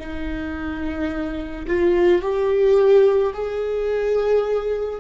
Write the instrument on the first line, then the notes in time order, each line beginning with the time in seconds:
viola
0.00 D#4
1.68 F4
2.22 G4
3.34 G#4